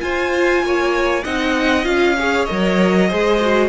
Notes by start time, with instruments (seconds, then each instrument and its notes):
0.00 viola F4, cello F4, violin C5 G#5
0.62 cello A#3, violin C#5
1.24 cello C4, viola D#4, violin D#5 F#5
1.84 cello C#4, viola F4, violin F5
2.19 viola G#4, violin C#5
2.45 cello F#3, viola A#4, violin D#5
3.08 cello G#3, viola G#4, violin C5
3.41 viola F#4